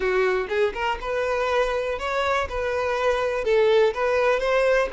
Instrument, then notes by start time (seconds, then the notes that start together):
violin
0.00 F#4
0.48 G#4
0.74 A#4
1.01 B4
1.98 C#5
2.49 B4
3.44 A4
3.94 B4
4.39 C5